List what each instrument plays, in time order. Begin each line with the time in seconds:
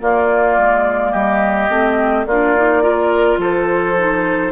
0.00 clarinet A#3, bassoon A#3, oboe F4, flute D5
0.58 bassoon G#3
1.12 bassoon G3, oboe G4, flute D#5
1.70 bassoon A3, clarinet C4
2.26 bassoon A#3, clarinet D4, oboe F4, flute D5
2.57 clarinet D#4
2.83 clarinet F4, oboe A#4
3.38 bassoon F3, oboe A4, flute C5
3.99 clarinet D#4